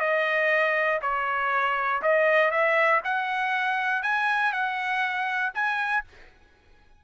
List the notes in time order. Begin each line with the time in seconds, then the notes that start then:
0.00 D#5
1.02 C#5
2.02 D#5
2.51 E5
3.04 F#5
4.03 G#5
4.53 F#5
5.55 G#5